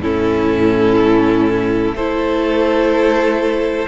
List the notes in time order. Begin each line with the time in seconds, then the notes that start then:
0.00 A2 C#4 E4 A4
1.92 A3 A4 C5
1.98 E4